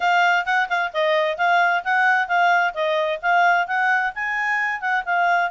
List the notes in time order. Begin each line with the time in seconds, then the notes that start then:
0.00 F5
0.45 F#5
0.69 F5
0.93 D#5
1.37 F5
1.84 F#5
2.28 F5
2.74 D#5
3.21 F5
3.67 F#5
4.15 G#5
4.80 F#5
5.05 F5